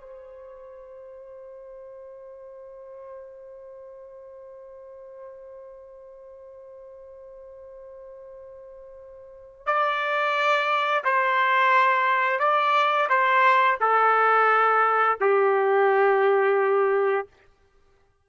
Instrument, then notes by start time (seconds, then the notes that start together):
trumpet
0.00 C5
9.66 D5
11.04 C5
12.39 D5
13.09 C5
13.80 A4
15.20 G4